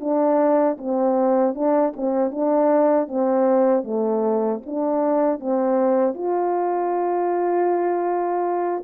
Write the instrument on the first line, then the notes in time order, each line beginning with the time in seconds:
horn
0.00 D4
0.78 C4
1.55 D4
1.96 C4
2.31 D4
3.08 C4
3.84 A3
4.65 D4
5.40 C4
6.14 F4